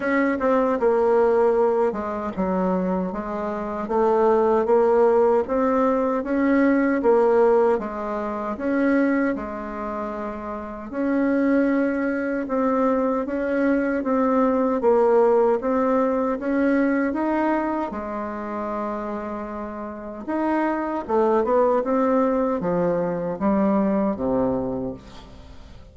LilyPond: \new Staff \with { instrumentName = "bassoon" } { \time 4/4 \tempo 4 = 77 cis'8 c'8 ais4. gis8 fis4 | gis4 a4 ais4 c'4 | cis'4 ais4 gis4 cis'4 | gis2 cis'2 |
c'4 cis'4 c'4 ais4 | c'4 cis'4 dis'4 gis4~ | gis2 dis'4 a8 b8 | c'4 f4 g4 c4 | }